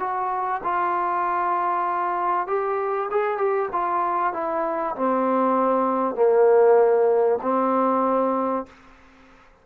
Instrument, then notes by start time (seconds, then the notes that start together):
trombone
0.00 F#4
0.64 F4
2.48 G4
3.11 G#4
3.38 G4
3.73 F4
4.34 E4
4.96 C4
6.16 A#3
7.43 C4